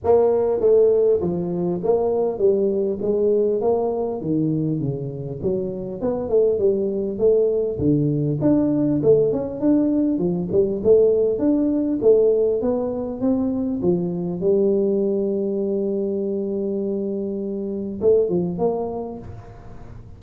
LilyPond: \new Staff \with { instrumentName = "tuba" } { \time 4/4 \tempo 4 = 100 ais4 a4 f4 ais4 | g4 gis4 ais4 dis4 | cis4 fis4 b8 a8 g4 | a4 d4 d'4 a8 cis'8 |
d'4 f8 g8 a4 d'4 | a4 b4 c'4 f4 | g1~ | g2 a8 f8 ais4 | }